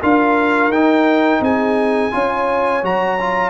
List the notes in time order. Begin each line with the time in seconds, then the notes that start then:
0.00 D4 F4 A#4 F5
0.68 D#4 G5
0.74 D#4
1.41 C4 G#4 G#5
2.11 C#4 F4 C#5
2.83 F#3 F#4 A#5
3.20 F4